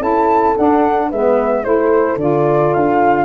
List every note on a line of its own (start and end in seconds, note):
0.00 0.54 C#4
0.00 0.55 E4
0.00 1.08 A4
0.00 0.57 A5
0.57 1.11 D4
0.57 1.12 D4
0.57 1.11 F#5
1.09 1.66 G#3
1.09 1.64 B3
1.09 1.63 B4
1.09 1.64 E5
1.64 2.17 A3
1.64 2.18 E4
1.64 3.25 A4
1.64 2.18 C5
2.17 2.71 D3
2.17 3.25 F4
2.17 2.74 D5
2.74 3.25 D4
2.74 3.25 F5